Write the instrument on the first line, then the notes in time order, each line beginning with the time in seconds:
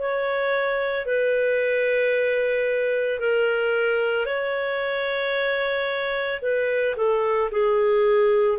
clarinet
0.00 C#5
1.06 B4
3.20 A#4
4.26 C#5
6.42 B4
6.97 A4
7.51 G#4